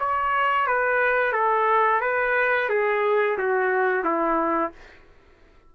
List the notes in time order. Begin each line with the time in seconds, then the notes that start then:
0.00 C#5
0.67 B4
1.33 A4
2.01 B4
2.70 G#4
3.38 F#4
4.04 E4